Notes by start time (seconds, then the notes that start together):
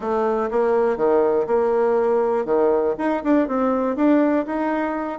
0.00 A3
0.50 A#3
0.96 D#3
1.46 A#3
2.45 D#3
2.98 D#4
3.23 D4
3.47 C4
3.95 D4
4.45 D#4